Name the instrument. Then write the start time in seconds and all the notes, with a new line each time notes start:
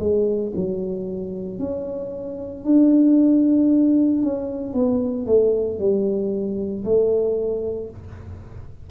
tuba
0.00 G#3
0.56 F#3
1.59 C#4
2.65 D4
4.22 C#4
4.74 B3
5.26 A3
5.79 G3
6.85 A3